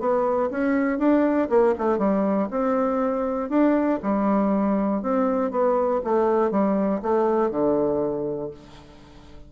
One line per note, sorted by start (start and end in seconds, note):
0.00 0.50 B3
0.51 0.99 C#4
0.99 1.49 D4
1.50 1.75 A#3
1.78 1.98 A3
1.98 2.48 G3
2.51 3.50 C4
3.50 4.00 D4
4.03 5.02 G3
5.02 5.51 C4
5.51 6.01 B3
6.04 6.51 A3
6.51 7.01 G3
7.02 7.51 A3
7.51 8.51 D3